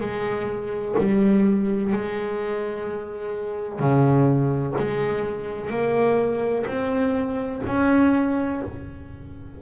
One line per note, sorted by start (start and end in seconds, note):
0.00 0.95 G#3
0.98 1.93 G3
1.93 3.79 G#3
3.79 4.74 C#3
4.78 5.70 G#3
5.70 6.65 A#3
6.66 7.61 C4
7.67 8.62 C#4